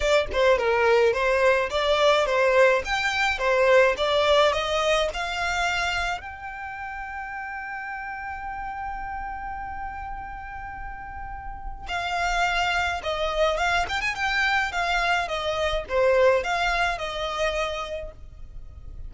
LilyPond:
\new Staff \with { instrumentName = "violin" } { \time 4/4 \tempo 4 = 106 d''8 c''8 ais'4 c''4 d''4 | c''4 g''4 c''4 d''4 | dis''4 f''2 g''4~ | g''1~ |
g''1~ | g''4 f''2 dis''4 | f''8 g''16 gis''16 g''4 f''4 dis''4 | c''4 f''4 dis''2 | }